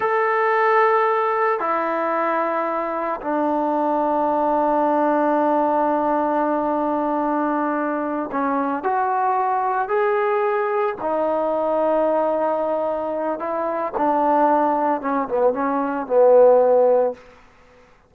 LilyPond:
\new Staff \with { instrumentName = "trombone" } { \time 4/4 \tempo 4 = 112 a'2. e'4~ | e'2 d'2~ | d'1~ | d'2.~ d'8 cis'8~ |
cis'8 fis'2 gis'4.~ | gis'8 dis'2.~ dis'8~ | dis'4 e'4 d'2 | cis'8 b8 cis'4 b2 | }